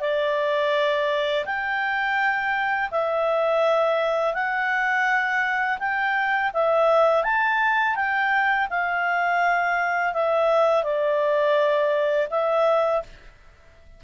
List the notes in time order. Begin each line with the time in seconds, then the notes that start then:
0.00 D5
1.45 G5
2.91 E5
4.33 F#5
5.79 G5
6.53 E5
7.24 A5
7.95 G5
8.69 F5
10.13 E5
10.83 D5
12.30 E5